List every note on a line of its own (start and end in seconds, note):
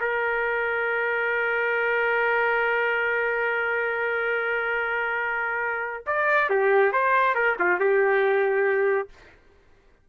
0.00 6.04 A#4
6.06 6.49 D5
6.49 6.92 G4
6.92 7.34 C5
7.34 7.56 A#4
7.59 7.79 F4
7.79 9.09 G4